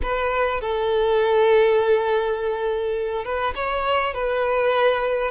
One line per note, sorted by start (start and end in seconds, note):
0.02 0.60 B4
0.60 3.24 A4
3.24 3.54 B4
3.55 4.13 C#5
4.13 5.31 B4